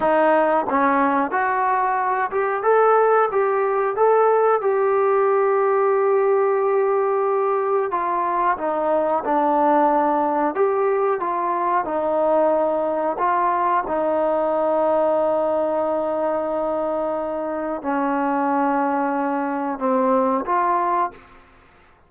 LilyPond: \new Staff \with { instrumentName = "trombone" } { \time 4/4 \tempo 4 = 91 dis'4 cis'4 fis'4. g'8 | a'4 g'4 a'4 g'4~ | g'1 | f'4 dis'4 d'2 |
g'4 f'4 dis'2 | f'4 dis'2.~ | dis'2. cis'4~ | cis'2 c'4 f'4 | }